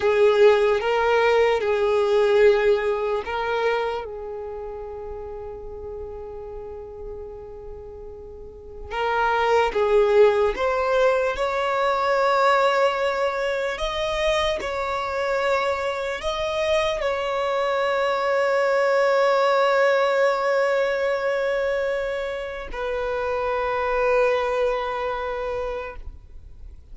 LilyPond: \new Staff \with { instrumentName = "violin" } { \time 4/4 \tempo 4 = 74 gis'4 ais'4 gis'2 | ais'4 gis'2.~ | gis'2. ais'4 | gis'4 c''4 cis''2~ |
cis''4 dis''4 cis''2 | dis''4 cis''2.~ | cis''1 | b'1 | }